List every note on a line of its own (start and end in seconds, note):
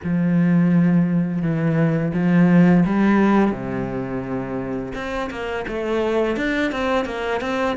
0.03 1.41 F3
1.41 2.12 E3
2.13 2.84 F3
2.85 3.51 G3
3.51 4.92 C3
4.94 5.30 C4
5.30 5.65 A#3
5.67 6.36 A3
6.36 6.71 D4
6.71 7.05 C4
7.05 7.40 A#3
7.41 7.76 C4